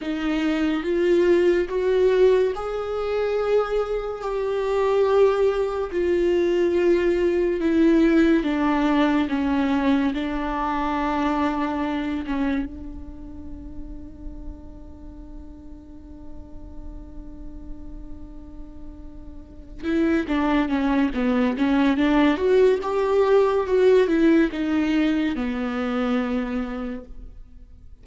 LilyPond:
\new Staff \with { instrumentName = "viola" } { \time 4/4 \tempo 4 = 71 dis'4 f'4 fis'4 gis'4~ | gis'4 g'2 f'4~ | f'4 e'4 d'4 cis'4 | d'2~ d'8 cis'8 d'4~ |
d'1~ | d'2.~ d'8 e'8 | d'8 cis'8 b8 cis'8 d'8 fis'8 g'4 | fis'8 e'8 dis'4 b2 | }